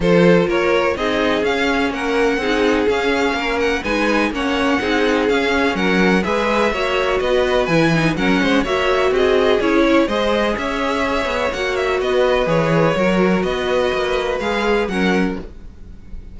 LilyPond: <<
  \new Staff \with { instrumentName = "violin" } { \time 4/4 \tempo 4 = 125 c''4 cis''4 dis''4 f''4 | fis''2 f''4. fis''8 | gis''4 fis''2 f''4 | fis''4 e''2 dis''4 |
gis''4 fis''4 e''4 dis''4 | cis''4 dis''4 e''2 | fis''8 e''8 dis''4 cis''2 | dis''2 f''4 fis''4 | }
  \new Staff \with { instrumentName = "violin" } { \time 4/4 a'4 ais'4 gis'2 | ais'4 gis'2 ais'4 | b'4 cis''4 gis'2 | ais'4 b'4 cis''4 b'4~ |
b'4 ais'8 c''8 cis''4 gis'4~ | gis'8 cis''8 c''4 cis''2~ | cis''4 b'2 ais'4 | b'2. ais'4 | }
  \new Staff \with { instrumentName = "viola" } { \time 4/4 f'2 dis'4 cis'4~ | cis'4 dis'4 cis'2 | dis'4 cis'4 dis'4 cis'4~ | cis'4 gis'4 fis'2 |
e'8 dis'8 cis'4 fis'2 | e'4 gis'2. | fis'2 gis'4 fis'4~ | fis'2 gis'4 cis'4 | }
  \new Staff \with { instrumentName = "cello" } { \time 4/4 f4 ais4 c'4 cis'4 | ais4 c'4 cis'4 ais4 | gis4 ais4 c'4 cis'4 | fis4 gis4 ais4 b4 |
e4 fis8 gis8 ais4 c'4 | cis'4 gis4 cis'4. b8 | ais4 b4 e4 fis4 | b4 ais4 gis4 fis4 | }
>>